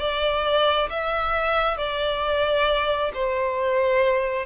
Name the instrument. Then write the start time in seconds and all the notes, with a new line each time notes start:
violin
0.00 D5
0.90 E5
1.77 D5
3.14 C5